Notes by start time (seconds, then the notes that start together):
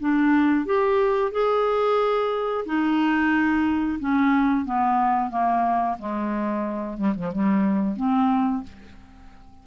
0.00 D4
0.65 G4
1.31 G#4
2.65 D#4
3.99 C#4
4.65 B3
5.30 A#3
5.98 G#3
6.97 G3
7.15 F3
7.32 G3
7.96 C4